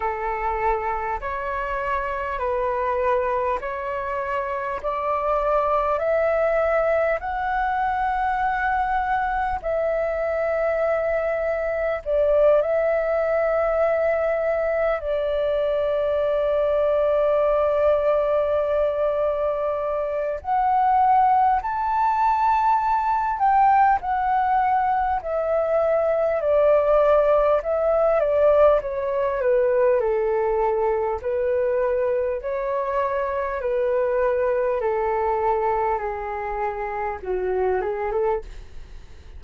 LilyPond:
\new Staff \with { instrumentName = "flute" } { \time 4/4 \tempo 4 = 50 a'4 cis''4 b'4 cis''4 | d''4 e''4 fis''2 | e''2 d''8 e''4.~ | e''8 d''2.~ d''8~ |
d''4 fis''4 a''4. g''8 | fis''4 e''4 d''4 e''8 d''8 | cis''8 b'8 a'4 b'4 cis''4 | b'4 a'4 gis'4 fis'8 gis'16 a'16 | }